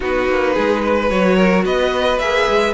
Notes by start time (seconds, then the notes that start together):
0.00 B3 D#4 F#4 B4
0.28 A#3
0.53 G#3 G#4
0.82 B4
1.09 F#3 F#4 C#5
1.36 A#4
1.64 B3 B4 D#5
2.18 A#3 G#4 E5
2.49 G#3